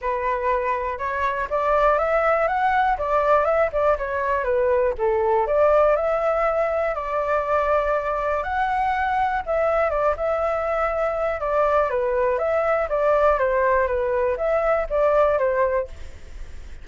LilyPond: \new Staff \with { instrumentName = "flute" } { \time 4/4 \tempo 4 = 121 b'2 cis''4 d''4 | e''4 fis''4 d''4 e''8 d''8 | cis''4 b'4 a'4 d''4 | e''2 d''2~ |
d''4 fis''2 e''4 | d''8 e''2~ e''8 d''4 | b'4 e''4 d''4 c''4 | b'4 e''4 d''4 c''4 | }